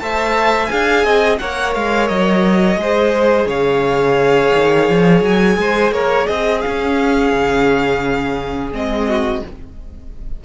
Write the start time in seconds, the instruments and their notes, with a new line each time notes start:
0.00 cello A3, viola C5, violin E5 A5
0.66 cello D4, viola G#4, violin F5 G#5
1.04 cello C4, violin D#5
1.39 cello A#3, viola A#4, violin C#5 F#5
1.74 cello G#3, violin F5
2.08 cello F#3, violin D#5
2.76 cello G#3, viola G#4, violin C5
3.47 cello C#3, violin C#5 F5
4.55 cello D#3
4.89 cello F3
5.22 cello F#3, violin G#5
5.57 cello G#3, violin C5
5.91 cello A#3, violin A#4 C#5
6.27 cello C4, violin G#4 D#5
6.61 viola C#4, cello C#4, violin F5
7.32 cello C#3
8.72 cello G#3, viola C4, violin D#5
9.09 violin F#4